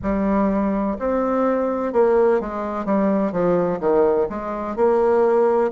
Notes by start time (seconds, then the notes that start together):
0.02 G3
0.98 C4
1.93 A#3
2.40 G#3
2.85 G3
3.32 F3
3.80 D#3
4.29 G#3
4.76 A#3